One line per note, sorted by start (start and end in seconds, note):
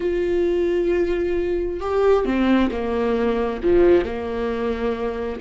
0.00 1.80 F4
1.80 2.25 G4
2.25 2.70 C4
2.71 3.61 A#3
3.62 4.04 F3
4.04 5.40 A#3